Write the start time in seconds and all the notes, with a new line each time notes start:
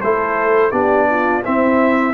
0.00 A3 E4 A4 C5
0.71 B3 D4 G4 D5
1.10 F4
1.44 C4 E4 E5